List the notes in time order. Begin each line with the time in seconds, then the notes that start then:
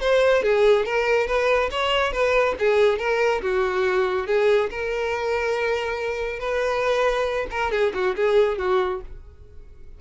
0.00 C5
0.43 G#4
0.85 A#4
1.27 B4
1.71 C#5
2.12 B4
2.59 G#4
2.98 A#4
3.41 F#4
4.27 G#4
4.70 A#4
6.39 B4
7.50 A#4
7.71 G#4
7.94 F#4
8.16 G#4
8.58 F#4